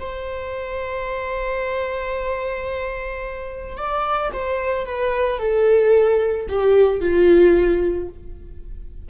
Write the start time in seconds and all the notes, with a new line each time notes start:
0.00 C5
3.77 D5
4.34 C5
4.86 B4
5.39 A4
6.49 G4
7.01 F4